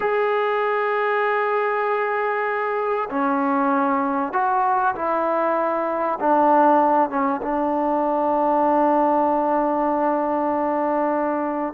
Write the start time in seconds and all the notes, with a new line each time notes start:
0.00 G#4
3.09 C#4
4.32 F#4
4.95 E4
6.19 D4
7.09 C#4
7.42 D4